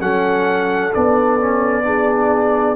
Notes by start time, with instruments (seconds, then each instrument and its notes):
0.00 tuba F#3, trombone C#4, horn A4, trumpet F#5
0.94 tuba B3, trombone D4, trumpet D5
1.40 trombone C#4
1.83 trombone D4, horn G#4